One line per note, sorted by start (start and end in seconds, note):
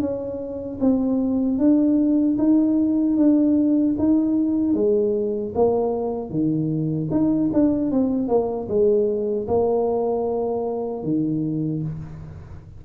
0.00 0.79 C#4
0.80 1.58 C4
1.58 2.37 D4
2.38 3.17 D#4
3.17 3.95 D4
3.98 4.74 D#4
4.74 5.53 G#3
5.54 6.30 A#3
6.30 7.09 D#3
7.11 7.50 D#4
7.53 7.91 D4
7.91 8.28 C4
8.28 8.67 A#3
8.68 9.47 G#3
9.47 11.03 A#3
11.03 11.82 D#3